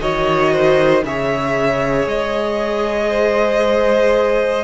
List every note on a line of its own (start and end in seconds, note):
0.00 1.03 D#3
0.00 1.03 F#4
0.00 0.52 C#5
0.00 1.03 D#5
0.52 1.04 C5
1.03 2.07 C#3
1.03 4.64 G#4
1.03 3.09 C#5
1.03 2.08 E5
2.07 4.64 G#3
2.07 4.64 D#5
3.09 4.64 C5